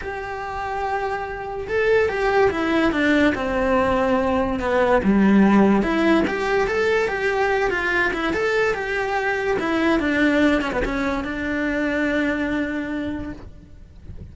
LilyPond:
\new Staff \with { instrumentName = "cello" } { \time 4/4 \tempo 4 = 144 g'1 | a'4 g'4 e'4 d'4 | c'2. b4 | g2 e'4 g'4 |
a'4 g'4. f'4 e'8 | a'4 g'2 e'4 | d'4. cis'16 b16 cis'4 d'4~ | d'1 | }